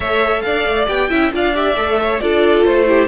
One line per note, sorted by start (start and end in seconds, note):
0.00 0.42 A3
0.00 0.87 A4
0.00 0.43 C#5
0.00 0.41 E5
0.41 0.65 D4
0.41 1.09 D5
0.41 0.85 F5
0.65 0.87 A3
0.87 1.10 B3
0.87 1.09 G4
0.87 1.32 G5
1.09 1.33 C#4
1.09 1.31 E4
1.09 1.31 E5
1.32 1.75 D4
1.32 1.54 F4
1.32 2.00 D5
1.32 1.56 F5
1.54 1.76 G4
1.54 2.19 E5
1.75 2.19 A3
1.75 2.20 A4
2.01 2.22 C#5
2.19 2.64 D4
2.19 2.86 F4
2.19 2.88 A4
2.19 2.63 D5
2.64 3.08 A3
2.64 3.08 C5
2.86 3.08 E4
2.86 3.08 G4